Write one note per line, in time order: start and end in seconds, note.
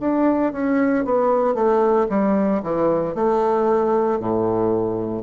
0.00 0.52 D4
0.52 1.05 C#4
1.05 1.54 B3
1.54 2.07 A3
2.09 2.62 G3
2.62 3.14 E3
3.14 4.19 A3
4.19 5.22 A2